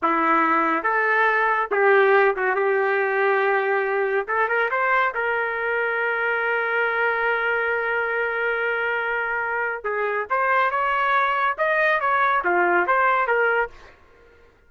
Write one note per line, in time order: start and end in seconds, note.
0.02 0.83 E4
0.83 1.69 A4
1.71 2.35 G4
2.36 2.55 F#4
2.55 4.26 G4
4.27 4.48 A4
4.48 4.69 A#4
4.70 5.13 C5
5.14 9.84 A#4
9.84 10.26 G#4
10.30 10.70 C5
10.70 11.56 C#5
11.58 12.00 D#5
12.00 12.43 C#5
12.44 12.86 F4
12.86 13.27 C5
13.27 13.70 A#4